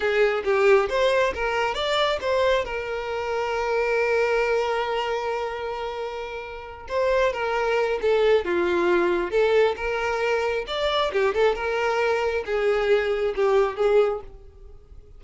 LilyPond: \new Staff \with { instrumentName = "violin" } { \time 4/4 \tempo 4 = 135 gis'4 g'4 c''4 ais'4 | d''4 c''4 ais'2~ | ais'1~ | ais'2.~ ais'8 c''8~ |
c''8 ais'4. a'4 f'4~ | f'4 a'4 ais'2 | d''4 g'8 a'8 ais'2 | gis'2 g'4 gis'4 | }